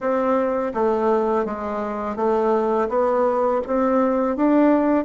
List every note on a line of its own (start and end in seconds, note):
0.00 0.73 C4
0.74 1.45 A3
1.45 2.16 G#3
2.16 2.88 A3
2.88 3.61 B3
3.66 4.36 C4
4.36 5.04 D4